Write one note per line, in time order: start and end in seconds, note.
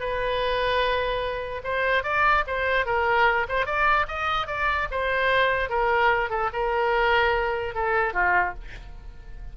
0.00 1.62 B4
1.64 2.04 C5
2.04 2.44 D5
2.47 2.86 C5
2.86 3.47 A#4
3.49 3.66 C5
3.66 4.07 D5
4.08 4.47 D#5
4.47 4.88 D5
4.91 5.70 C5
5.70 6.30 A#4
6.30 6.50 A4
6.53 7.75 A#4
7.75 8.14 A4
8.14 8.54 F4